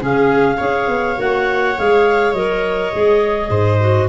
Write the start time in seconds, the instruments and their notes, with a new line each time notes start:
0.00 tuba C#3, clarinet C#4 F5, viola G#4
0.58 tuba C#4, clarinet G#4, viola C#5
0.88 tuba B3
1.17 tuba A#3, clarinet F#4 F#5
1.77 tuba G#3, clarinet G#4 F5
2.34 tuba F#3, clarinet A#4 D#5
2.93 tuba G#3, clarinet G#4
3.50 tuba G#2, viola C5
3.80 clarinet F#4